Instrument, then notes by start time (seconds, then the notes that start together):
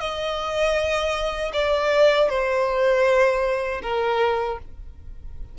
violin
0.00 D#5
1.53 D5
2.30 C5
3.83 A#4